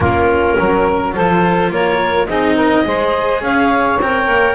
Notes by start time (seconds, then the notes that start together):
0.00 A#3 C#4 F4 A#4
0.58 F#3 A#4
1.12 F3 F4 A4 C5
1.70 A#3 A#4 C#5
2.27 C4 D#4 G#4 D#5
2.54 A#4
2.84 G#3 G#4 C5
3.40 C#4 C#5 F5
4.00 C4 A#4 G5
4.27 A#3